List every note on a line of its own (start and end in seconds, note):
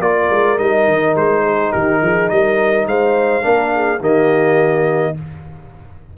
0.00 0.29 A#3
0.00 0.58 F4
0.00 1.43 A#4
0.00 0.58 D5
0.30 0.59 G#3
0.58 0.87 G3
0.58 3.41 D#4
0.58 1.15 D#5
0.87 1.15 D#3
1.15 1.72 G#3
1.15 1.72 C5
1.43 1.71 G#4
1.71 2.01 D#3
1.71 2.00 G4
1.71 2.29 A#4
2.01 2.30 F3
2.01 2.32 G#4
2.29 2.86 G3
2.29 2.87 A#4
2.29 2.86 D#5
2.86 3.43 G#3
2.86 3.44 C5
2.86 4.02 F5
3.41 4.00 A#3
3.41 3.99 D4
3.41 3.72 A#4
3.75 3.99 G#4
3.99 5.14 D#3
3.99 5.14 A#3
3.99 5.13 G4
3.99 5.17 D#5